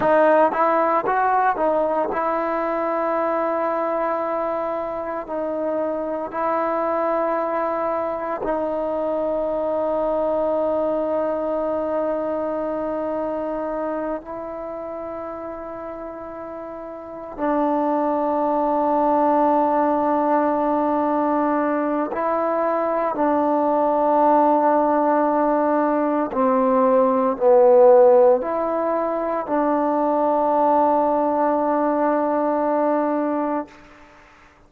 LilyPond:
\new Staff \with { instrumentName = "trombone" } { \time 4/4 \tempo 4 = 57 dis'8 e'8 fis'8 dis'8 e'2~ | e'4 dis'4 e'2 | dis'1~ | dis'4. e'2~ e'8~ |
e'8 d'2.~ d'8~ | d'4 e'4 d'2~ | d'4 c'4 b4 e'4 | d'1 | }